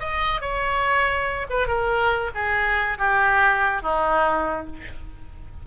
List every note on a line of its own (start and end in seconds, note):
0.00 0.41 D#5
0.41 1.47 C#5
1.50 1.67 B4
1.67 2.31 A#4
2.35 2.98 G#4
2.98 3.82 G4
3.82 4.67 D#4